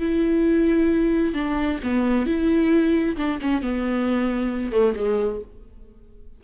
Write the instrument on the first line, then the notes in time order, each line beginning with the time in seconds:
viola
0.00 E4
1.35 D4
1.84 B3
2.26 E4
3.17 D4
3.42 C#4
3.62 B3
4.72 A3
4.96 G#3